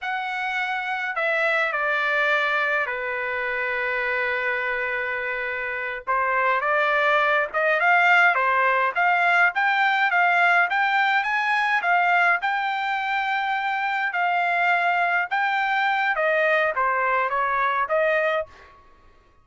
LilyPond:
\new Staff \with { instrumentName = "trumpet" } { \time 4/4 \tempo 4 = 104 fis''2 e''4 d''4~ | d''4 b'2.~ | b'2~ b'8 c''4 d''8~ | d''4 dis''8 f''4 c''4 f''8~ |
f''8 g''4 f''4 g''4 gis''8~ | gis''8 f''4 g''2~ g''8~ | g''8 f''2 g''4. | dis''4 c''4 cis''4 dis''4 | }